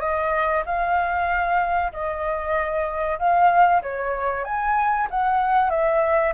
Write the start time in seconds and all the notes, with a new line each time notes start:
0.00 D#5
0.65 F5
1.92 D#5
3.18 F5
3.82 C#5
4.44 G#5
5.10 F#5
5.70 E5